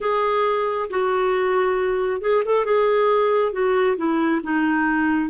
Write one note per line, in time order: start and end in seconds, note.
0.00 0.89 G#4
0.89 2.21 F#4
2.21 2.43 G#4
2.45 2.65 A4
2.65 3.52 G#4
3.52 3.96 F#4
3.97 4.41 E4
4.43 5.30 D#4